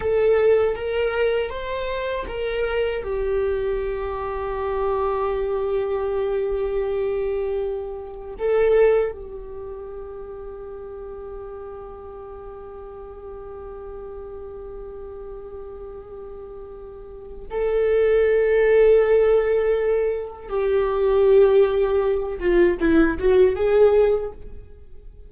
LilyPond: \new Staff \with { instrumentName = "viola" } { \time 4/4 \tempo 4 = 79 a'4 ais'4 c''4 ais'4 | g'1~ | g'2. a'4 | g'1~ |
g'1~ | g'2. a'4~ | a'2. g'4~ | g'4. f'8 e'8 fis'8 gis'4 | }